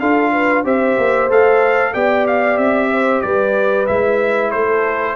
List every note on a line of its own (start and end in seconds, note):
0.00 0.65 D4
0.00 0.65 F4
0.00 0.32 A4
0.00 0.65 F5
0.32 0.64 B4
0.64 0.98 C4
0.64 1.29 G4
0.64 1.93 C5
0.64 1.31 E5
0.98 1.30 A#3
1.30 1.94 A3
1.30 1.94 A4
1.30 1.94 F5
1.94 2.58 B3
1.94 3.88 G4
1.94 2.91 D5
1.94 2.26 G5
2.28 2.58 F5
2.58 3.22 C4
2.58 3.22 E5
2.92 3.24 C5
3.22 3.89 G3
3.22 4.52 B4
3.22 3.86 D5
3.87 4.54 G#3
3.87 5.16 E4
3.87 4.51 E5
4.51 5.16 A3
4.51 5.16 A4
4.51 5.16 C5